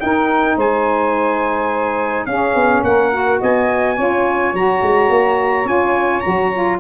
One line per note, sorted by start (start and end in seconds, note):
0.00 2.27 D#4
0.00 0.56 D#4
0.00 0.56 A#4
0.00 0.57 G5
0.56 2.26 G#3
0.56 2.26 C5
0.56 2.25 G#5
2.25 2.54 C#4
2.25 3.11 C#4
2.25 2.84 G#4
2.25 2.82 F5
2.54 2.83 B3
2.83 3.40 A#3
2.83 3.40 A#4
2.83 3.40 F#5
3.11 3.96 F#4
3.40 3.98 B3
3.40 3.95 D#5
3.40 4.55 G#5
3.95 4.53 C#4
3.95 4.54 F4
3.95 6.78 C#5
4.53 4.82 F#3
4.53 5.65 F#4
4.53 5.67 A#5
4.82 5.09 G#3
5.09 5.65 A#3
5.65 6.21 C#4
5.65 6.22 F4
5.65 6.20 G#5
6.20 6.80 F#3
6.20 6.52 F#4
6.20 6.76 A#5
6.52 6.80 F4